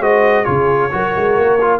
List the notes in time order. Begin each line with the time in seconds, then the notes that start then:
0.00 G#3 F#4 C5 D#5
0.44 C#3 F4 G#4 C#5
0.91 F#3 F#4 A#4
1.16 G#3
1.38 A#3
1.61 F4